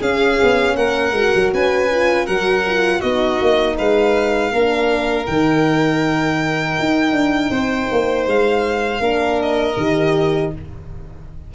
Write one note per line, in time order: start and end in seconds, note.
0.00 0.38 C#4
0.00 1.14 C#4
0.00 0.75 G#4
0.00 0.76 F5
0.42 0.75 B3
0.75 1.11 A#3
0.75 1.53 A#4
0.75 1.51 F#5
1.11 1.30 G#3
1.11 1.89 F#4
1.35 1.53 F#3
1.53 2.28 C#4
1.53 2.25 B4
1.53 2.26 G#5
1.91 2.27 F4
2.25 3.03 F#3
2.25 2.65 F#4
2.25 2.99 A#4
2.25 3.01 F#5
2.67 3.03 F4
2.99 3.40 B3
2.99 4.53 D#4
2.99 3.74 F#4
2.99 3.76 D#5
3.41 3.79 A#3
3.77 4.52 G#3
3.77 4.52 B4
3.77 5.26 F5
4.52 5.27 A#3
4.52 5.27 D4
4.52 7.51 A#4
5.26 6.77 D#3
5.26 9.00 D#4
5.26 8.26 G5
6.79 7.12 D#4
7.12 7.50 D4
7.50 7.88 C4
7.50 9.01 C5
7.92 8.27 A#3
8.27 9.00 G#3
8.27 9.42 F5
9.00 9.75 A#3
9.00 9.75 D4
9.00 10.51 A#4
9.42 10.54 D#5
9.77 10.52 D#3
9.77 10.53 G4